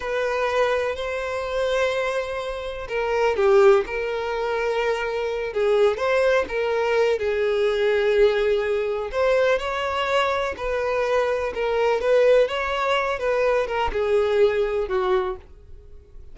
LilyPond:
\new Staff \with { instrumentName = "violin" } { \time 4/4 \tempo 4 = 125 b'2 c''2~ | c''2 ais'4 g'4 | ais'2.~ ais'8 gis'8~ | gis'8 c''4 ais'4. gis'4~ |
gis'2. c''4 | cis''2 b'2 | ais'4 b'4 cis''4. b'8~ | b'8 ais'8 gis'2 fis'4 | }